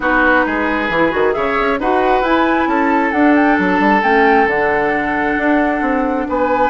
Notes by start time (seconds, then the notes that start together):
0.00 B3 D#4 F#4 B4
0.45 G#3 G#4
0.89 E3 E4
1.10 D#3 F#4
1.32 C#3 G#4 C#5 E5
1.59 C#4
1.79 D#4 F#4 B4 F#5
2.21 E4 G#5
2.67 C#4 A4 A5
3.11 D4 F#5
3.35 G5
3.59 F#3 A5
3.79 G3
4.02 A3 C#4 G5
4.46 D3 D4 F#5
5.37 D4
5.81 C4
6.28 B3 B4 G#5